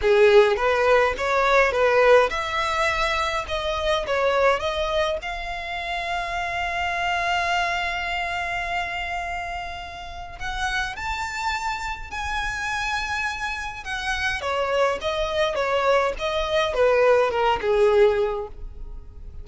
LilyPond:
\new Staff \with { instrumentName = "violin" } { \time 4/4 \tempo 4 = 104 gis'4 b'4 cis''4 b'4 | e''2 dis''4 cis''4 | dis''4 f''2.~ | f''1~ |
f''2 fis''4 a''4~ | a''4 gis''2. | fis''4 cis''4 dis''4 cis''4 | dis''4 b'4 ais'8 gis'4. | }